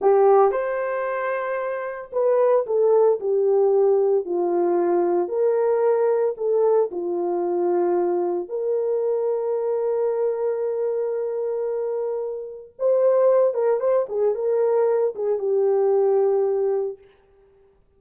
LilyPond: \new Staff \with { instrumentName = "horn" } { \time 4/4 \tempo 4 = 113 g'4 c''2. | b'4 a'4 g'2 | f'2 ais'2 | a'4 f'2. |
ais'1~ | ais'1 | c''4. ais'8 c''8 gis'8 ais'4~ | ais'8 gis'8 g'2. | }